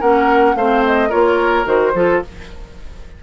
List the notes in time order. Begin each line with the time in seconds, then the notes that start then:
0.00 A#3 C#4 A#4 F#5
0.55 A3 C4 C5 F5
0.86 D#5
1.09 A#3 F4 A#4 C#5
1.65 D#3 F#4 C5
1.94 F3 F4 A4